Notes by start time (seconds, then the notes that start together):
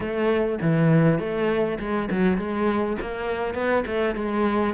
0.00 A3
0.61 E3
1.19 A3
1.79 G#3
2.10 F#3
2.37 G#3
3.01 A#3
3.54 B3
3.86 A3
4.14 G#3